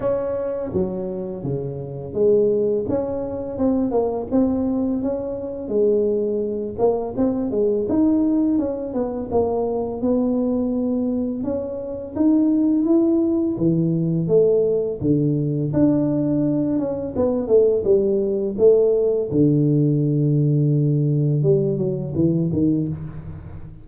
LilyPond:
\new Staff \with { instrumentName = "tuba" } { \time 4/4 \tempo 4 = 84 cis'4 fis4 cis4 gis4 | cis'4 c'8 ais8 c'4 cis'4 | gis4. ais8 c'8 gis8 dis'4 | cis'8 b8 ais4 b2 |
cis'4 dis'4 e'4 e4 | a4 d4 d'4. cis'8 | b8 a8 g4 a4 d4~ | d2 g8 fis8 e8 dis8 | }